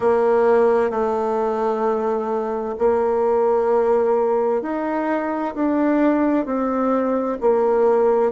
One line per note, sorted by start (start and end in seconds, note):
0.00 0.90 A#3
0.90 2.74 A3
2.78 4.62 A#3
4.62 5.54 D#4
5.54 6.45 D4
6.45 7.38 C4
7.41 8.31 A#3